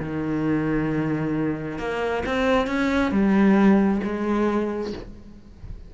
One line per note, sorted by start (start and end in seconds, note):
0.00 1.78 D#3
1.78 2.23 A#3
2.26 2.67 C4
2.67 3.11 C#4
3.11 4.01 G3
4.04 4.93 G#3